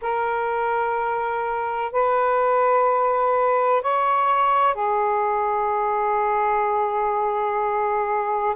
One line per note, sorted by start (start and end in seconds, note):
0.01 1.91 A#4
1.91 3.81 B4
3.81 4.74 C#5
4.74 8.55 G#4